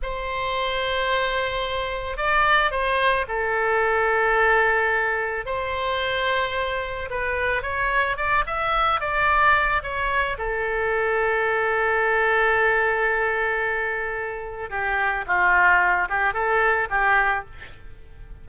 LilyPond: \new Staff \with { instrumentName = "oboe" } { \time 4/4 \tempo 4 = 110 c''1 | d''4 c''4 a'2~ | a'2 c''2~ | c''4 b'4 cis''4 d''8 e''8~ |
e''8 d''4. cis''4 a'4~ | a'1~ | a'2. g'4 | f'4. g'8 a'4 g'4 | }